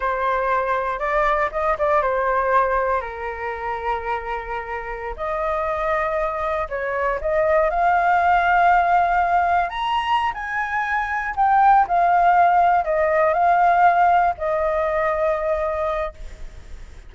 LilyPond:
\new Staff \with { instrumentName = "flute" } { \time 4/4 \tempo 4 = 119 c''2 d''4 dis''8 d''8 | c''2 ais'2~ | ais'2~ ais'16 dis''4.~ dis''16~ | dis''4~ dis''16 cis''4 dis''4 f''8.~ |
f''2.~ f''16 ais''8.~ | ais''8 gis''2 g''4 f''8~ | f''4. dis''4 f''4.~ | f''8 dis''2.~ dis''8 | }